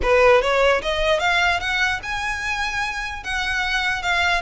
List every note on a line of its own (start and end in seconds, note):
0.02 0.41 B4
0.41 0.81 C#5
0.82 1.19 D#5
1.19 1.59 F5
1.60 2.00 F#5
2.02 3.23 G#5
3.23 4.02 F#5
4.02 4.41 F5